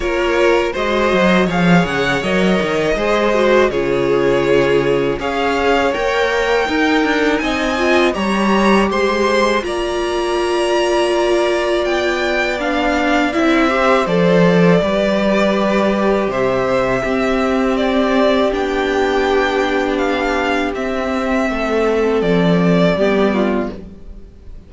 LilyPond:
<<
  \new Staff \with { instrumentName = "violin" } { \time 4/4 \tempo 4 = 81 cis''4 dis''4 f''8 fis''8 dis''4~ | dis''4 cis''2 f''4 | g''2 gis''4 ais''4 | c'''4 ais''2. |
g''4 f''4 e''4 d''4~ | d''2 e''2 | d''4 g''2 f''4 | e''2 d''2 | }
  \new Staff \with { instrumentName = "violin" } { \time 4/4 ais'4 c''4 cis''2 | c''4 gis'2 cis''4~ | cis''4 ais'4 dis''4 cis''4 | c''4 d''2.~ |
d''2~ d''8 c''4. | b'2 c''4 g'4~ | g'1~ | g'4 a'2 g'8 f'8 | }
  \new Staff \with { instrumentName = "viola" } { \time 4/4 f'4 fis'4 gis'4 ais'4 | gis'8 fis'8 f'2 gis'4 | ais'4 dis'4. f'8 g'4~ | g'4 f'2.~ |
f'4 d'4 e'8 g'8 a'4 | g'2. c'4~ | c'4 d'2. | c'2. b4 | }
  \new Staff \with { instrumentName = "cello" } { \time 4/4 ais4 gis8 fis8 f8 cis8 fis8 dis8 | gis4 cis2 cis'4 | ais4 dis'8 d'8 c'4 g4 | gis4 ais2. |
b2 c'4 f4 | g2 c4 c'4~ | c'4 b2. | c'4 a4 f4 g4 | }
>>